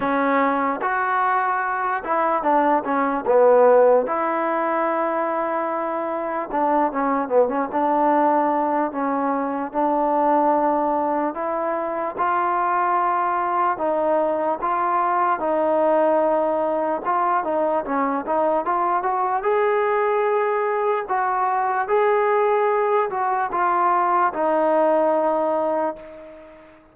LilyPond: \new Staff \with { instrumentName = "trombone" } { \time 4/4 \tempo 4 = 74 cis'4 fis'4. e'8 d'8 cis'8 | b4 e'2. | d'8 cis'8 b16 cis'16 d'4. cis'4 | d'2 e'4 f'4~ |
f'4 dis'4 f'4 dis'4~ | dis'4 f'8 dis'8 cis'8 dis'8 f'8 fis'8 | gis'2 fis'4 gis'4~ | gis'8 fis'8 f'4 dis'2 | }